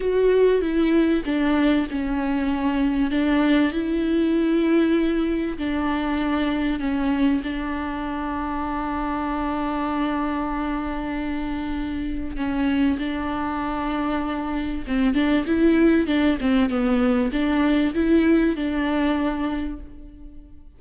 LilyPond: \new Staff \with { instrumentName = "viola" } { \time 4/4 \tempo 4 = 97 fis'4 e'4 d'4 cis'4~ | cis'4 d'4 e'2~ | e'4 d'2 cis'4 | d'1~ |
d'1 | cis'4 d'2. | c'8 d'8 e'4 d'8 c'8 b4 | d'4 e'4 d'2 | }